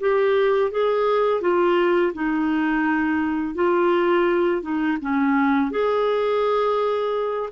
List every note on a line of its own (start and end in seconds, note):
0.00 0.71 G4
0.71 1.41 G#4
1.41 2.13 F4
2.14 3.55 D#4
3.55 4.62 F4
4.62 4.98 D#4
5.01 5.71 C#4
5.71 7.50 G#4